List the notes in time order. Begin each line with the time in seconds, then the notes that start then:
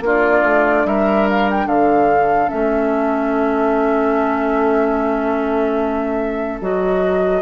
0.00 A#3 D4 F4
0.06 D5
0.43 A3
0.85 G3 A#4 E5
1.29 F5
1.50 G5
1.66 D3 A4 F5
2.48 A3 C#4 E5
6.61 F#3 F#4 D#5